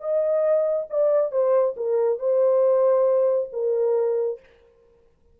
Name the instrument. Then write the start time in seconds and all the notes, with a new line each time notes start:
horn
0.00 D#5
0.90 D5
1.32 C5
1.77 A#4
2.19 C5
3.53 A#4